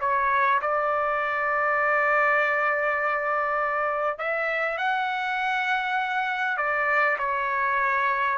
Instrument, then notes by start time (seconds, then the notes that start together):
trumpet
0.00 C#5
0.61 D5
4.18 E5
4.77 F#5
6.57 D5
7.18 C#5